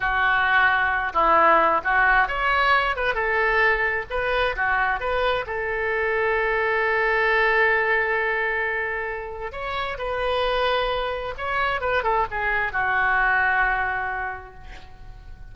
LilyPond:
\new Staff \with { instrumentName = "oboe" } { \time 4/4 \tempo 4 = 132 fis'2~ fis'8 e'4. | fis'4 cis''4. b'8 a'4~ | a'4 b'4 fis'4 b'4 | a'1~ |
a'1~ | a'4 cis''4 b'2~ | b'4 cis''4 b'8 a'8 gis'4 | fis'1 | }